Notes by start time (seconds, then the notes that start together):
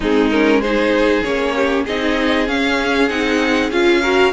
0.00 G#3 C4 D#4 G#4
0.30 C#4 A#4
0.60 D#4 G#4 C5
1.23 A#3 C#4 C#5
1.55 G4
1.84 C4 D#4 G#4 D#5
2.47 C#4 F5
3.08 C4 D#4 F#5
3.70 C#4 F4 F5
4.01 F#4 A#4